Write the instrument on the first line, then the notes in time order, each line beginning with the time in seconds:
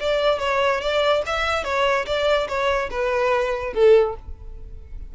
violin
0.00 D5
0.39 C#5
0.80 D5
1.26 E5
1.63 C#5
2.06 D5
2.48 C#5
2.90 B4
3.73 A4